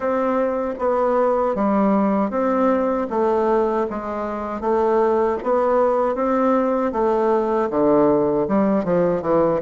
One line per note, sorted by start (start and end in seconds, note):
0.00 0.74 C4
0.78 1.55 B3
1.55 2.30 G3
2.30 3.07 C4
3.10 3.87 A3
3.90 4.60 G#3
4.60 5.37 A3
5.43 6.15 B3
6.15 6.92 C4
6.92 7.69 A3
7.70 8.47 D3
8.48 8.84 G3
8.84 9.22 F3
9.22 9.60 E3